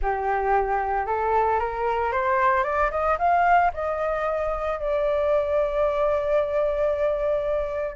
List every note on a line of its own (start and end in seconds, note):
0.01 1.06 G4
1.06 1.59 A4
1.59 2.12 A#4
2.12 2.63 C5
2.63 2.90 D5
2.91 3.17 D#5
3.18 3.71 F5
3.73 4.79 D#5
4.79 7.95 D5